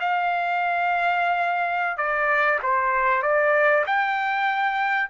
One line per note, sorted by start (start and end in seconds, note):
0.00 1.97 F5
1.97 2.59 D5
2.63 3.22 C5
3.22 3.84 D5
3.87 5.09 G5